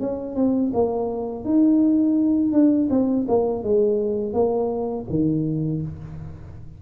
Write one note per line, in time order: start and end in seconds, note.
0.00 0.35 C#4
0.35 0.72 C4
0.74 1.44 A#3
1.44 2.52 D#4
2.52 2.88 D4
2.90 3.26 C4
3.28 3.63 A#3
3.63 4.33 G#3
4.33 5.05 A#3
5.10 5.82 D#3